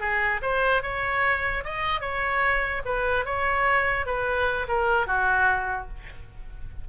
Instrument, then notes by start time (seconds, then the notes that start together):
oboe
0.00 G#4
0.42 C5
0.82 C#5
1.64 D#5
2.01 C#5
2.85 B4
3.25 C#5
4.06 B4
4.68 A#4
5.07 F#4